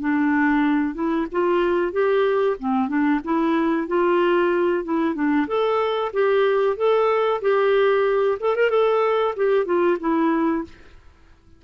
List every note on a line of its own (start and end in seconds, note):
0.00 0.95 D4
0.95 1.27 E4
1.32 1.92 F4
1.92 2.57 G4
2.60 2.88 C4
2.88 3.21 D4
3.25 3.88 E4
3.88 4.84 F4
4.85 5.15 E4
5.15 5.47 D4
5.48 6.12 A4
6.13 6.77 G4
6.77 7.42 A4
7.42 8.38 G4
8.40 8.56 A4
8.56 8.70 A#4
8.70 9.35 A4
9.37 9.66 G4
9.66 9.98 F4
10.00 10.65 E4